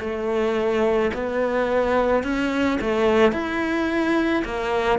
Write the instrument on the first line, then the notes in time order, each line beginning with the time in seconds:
cello
0.00 A3
1.14 B3
2.24 C#4
2.81 A3
3.32 E4
4.45 A#3